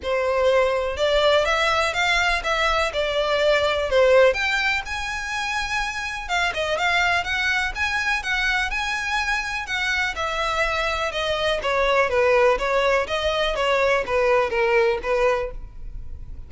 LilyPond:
\new Staff \with { instrumentName = "violin" } { \time 4/4 \tempo 4 = 124 c''2 d''4 e''4 | f''4 e''4 d''2 | c''4 g''4 gis''2~ | gis''4 f''8 dis''8 f''4 fis''4 |
gis''4 fis''4 gis''2 | fis''4 e''2 dis''4 | cis''4 b'4 cis''4 dis''4 | cis''4 b'4 ais'4 b'4 | }